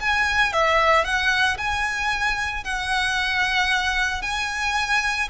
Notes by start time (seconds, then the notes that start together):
0.00 G#5
0.53 E5
1.04 F#5
1.58 G#5
2.64 F#5
4.22 G#5